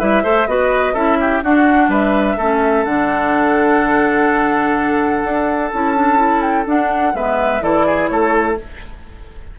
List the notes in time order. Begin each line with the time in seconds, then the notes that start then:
0.00 G3 E4 B4 E5
0.23 A3 A4 C5
0.47 B3 F#4 B4 D#5
0.94 C#4 E4 A4 E5
1.20 G4
1.43 D4 F#4 F#5
1.88 G3 B4 E5
2.37 A3 C#4 A4
2.85 D3 D4 F#5
5.24 D4
5.73 C#4 E4 A5
5.95 D4
6.17 E4
6.41 G5
6.66 D4 F#5
7.14 G#3 B3 B4 E5
7.61 E3 E4 A4 D5
7.86 G#4
8.08 A3 A4 C#5